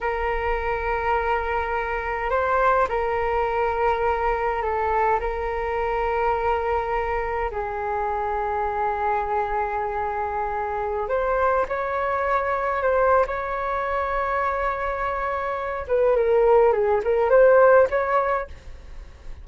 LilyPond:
\new Staff \with { instrumentName = "flute" } { \time 4/4 \tempo 4 = 104 ais'1 | c''4 ais'2. | a'4 ais'2.~ | ais'4 gis'2.~ |
gis'2.~ gis'16 c''8.~ | c''16 cis''2 c''8. cis''4~ | cis''2.~ cis''8 b'8 | ais'4 gis'8 ais'8 c''4 cis''4 | }